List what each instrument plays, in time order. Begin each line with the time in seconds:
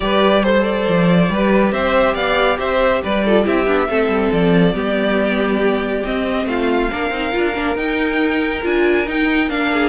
0.00 cello G3, viola G4, violin B4 D5
0.43 viola A4, violin C5
0.63 violin D5
0.88 cello F3
1.29 cello G3, viola G4, violin B4
1.71 cello C4, violin C5 E5
2.14 cello B3, violin D5 F5
2.58 cello C4, violin C5 E5
3.03 cello G3, violin B4 D5
3.24 viola F4, violin A4
3.44 cello C4, viola E4, violin G4 E5
3.66 cello B3, viola D4
3.88 cello A3, viola C4, violin A4
4.07 cello G3
4.32 cello F3, violin D5
4.73 cello G3, viola B3, violin G4
6.03 viola C4, cello C4, violin D#5
6.45 cello A3, violin F4 F5
6.90 cello A#3, viola D4, violin A#4
7.10 cello C4, viola D#4
7.32 cello D4, viola F4
7.54 cello A#3, viola D4
7.75 cello D#4, viola D#4, violin G5
8.62 cello D4, viola F4, violin G#5
9.06 cello D#4, viola D#4, violin G5
9.49 cello A#3, viola D4, violin F5
9.72 violin G#4